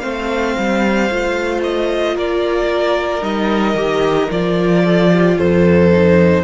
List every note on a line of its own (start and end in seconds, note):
0.00 0.57 A3
0.00 1.09 C4
0.00 2.15 C5
0.00 1.61 F5
0.58 1.10 G3
1.10 2.17 A3
1.10 3.22 F4
1.64 2.17 D#5
2.15 3.22 A#3
2.15 4.83 A#4
2.15 3.24 D5
3.22 3.75 G3
3.22 3.75 D#4
3.22 4.31 D#5
3.75 4.28 D#3
3.75 4.30 G4
4.30 5.38 F3
4.30 5.91 F4
4.30 5.38 D5
4.84 5.11 A4
5.13 5.39 G4
5.38 6.44 F2
5.38 6.44 A4
5.38 6.44 C5
5.92 6.44 D#4